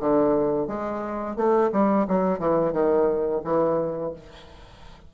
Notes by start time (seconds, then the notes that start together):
0.00 D3
0.67 G#3
1.36 A3
1.72 G3
2.08 F#3
2.39 E3
2.72 D#3
3.44 E3